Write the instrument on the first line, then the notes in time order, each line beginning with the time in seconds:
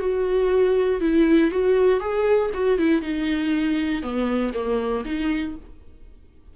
viola
0.00 F#4
1.01 E4
1.51 F#4
2.01 G#4
2.54 F#4
2.78 E4
3.02 D#4
4.03 B3
4.54 A#3
5.05 D#4